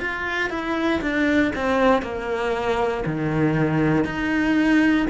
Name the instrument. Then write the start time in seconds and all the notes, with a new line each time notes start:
cello
0.00 F4
0.49 E4
1.01 D4
1.55 C4
2.02 A#3
3.06 D#3
4.04 D#4